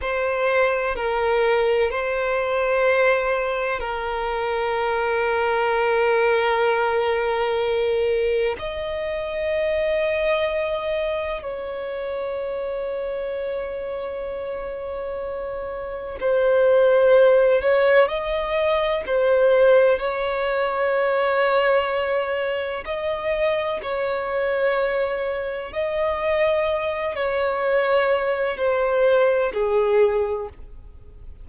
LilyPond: \new Staff \with { instrumentName = "violin" } { \time 4/4 \tempo 4 = 63 c''4 ais'4 c''2 | ais'1~ | ais'4 dis''2. | cis''1~ |
cis''4 c''4. cis''8 dis''4 | c''4 cis''2. | dis''4 cis''2 dis''4~ | dis''8 cis''4. c''4 gis'4 | }